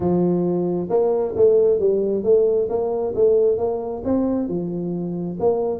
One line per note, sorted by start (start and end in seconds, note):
0.00 0.88 F3
0.89 1.34 A#3
1.36 1.79 A3
1.79 2.23 G3
2.23 2.68 A3
2.69 3.13 A#3
3.15 3.57 A3
3.57 4.02 A#3
4.04 4.48 C4
4.48 5.38 F3
5.39 5.80 A#3